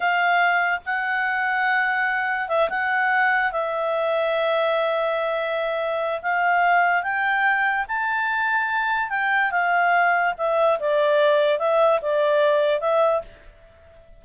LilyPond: \new Staff \with { instrumentName = "clarinet" } { \time 4/4 \tempo 4 = 145 f''2 fis''2~ | fis''2 e''8 fis''4.~ | fis''8 e''2.~ e''8~ | e''2. f''4~ |
f''4 g''2 a''4~ | a''2 g''4 f''4~ | f''4 e''4 d''2 | e''4 d''2 e''4 | }